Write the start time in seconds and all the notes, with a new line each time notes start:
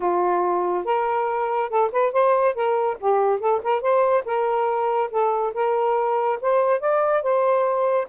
0.00 F4
0.85 A#4
1.69 A4
1.92 B4
2.12 C5
2.54 A#4
3.00 G4
3.39 A4
3.63 A#4
3.81 C5
4.25 A#4
5.10 A4
5.54 A#4
6.41 C5
6.80 D5
7.22 C5